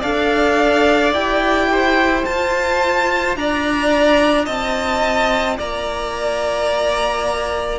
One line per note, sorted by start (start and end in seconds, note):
0.00 1.13 D4
0.00 1.14 A4
0.00 1.67 D5
0.00 1.13 F5
1.13 2.25 E4
1.13 2.26 G4
1.13 2.25 G5
1.72 3.38 C5
2.25 7.79 F4
2.25 3.36 F4
2.25 3.36 A5
3.36 4.47 D4
3.36 4.46 D5
3.36 4.46 A#5
4.46 5.58 C4
4.46 5.57 D#5
4.46 5.57 A5
5.57 7.79 A#3
5.57 7.79 D5
5.57 7.79 A#5